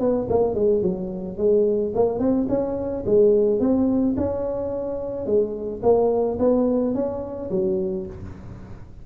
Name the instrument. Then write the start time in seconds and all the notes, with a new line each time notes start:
tuba
0.00 B3
0.30 A#3
0.55 G#3
0.83 F#3
1.38 G#3
1.95 A#3
2.19 C4
2.49 C#4
3.06 G#3
3.60 C4
4.17 C#4
5.26 G#3
5.83 A#3
6.39 B3
6.95 C#4
7.51 F#3